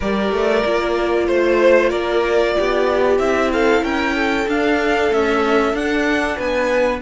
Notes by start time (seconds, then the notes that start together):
0.00 G3 G4 A#4 D5
0.31 A3
0.64 A#3 F4
1.27 A3 C5
1.89 A#3 A#4 D5
2.58 B3 G4
3.18 C4 E4 E5
3.52 A4 F5
3.82 C#4 A#4 G5
4.15 A4
4.47 D4 F5
5.10 A3 C#4 E5
5.73 D4 F#5
6.36 B3 B4 G#5